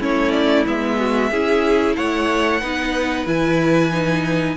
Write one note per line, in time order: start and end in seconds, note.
0.00 0.66 A3
0.00 0.65 C#4
0.00 0.98 E4
0.00 0.32 C#5
0.32 0.65 D5
0.66 1.31 G#3
0.66 1.32 B3
0.66 1.96 E5
0.99 1.31 F#4
1.31 1.97 C#4
1.31 2.62 E4
1.31 1.96 G#4
1.96 2.62 A3
1.96 2.61 C#5
1.96 3.26 F#5
2.61 3.26 B3
2.61 3.26 D#4
2.61 4.57 B4
3.26 4.57 E3
3.26 3.91 E4
3.26 4.57 G#5
3.92 4.57 D#4